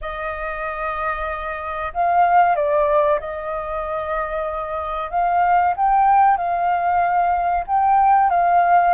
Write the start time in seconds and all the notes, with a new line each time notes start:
0.01 D#5
1.93 F5
2.55 D5
3.19 D#5
5.10 F5
5.76 G5
6.37 F5
7.67 G5
8.30 F5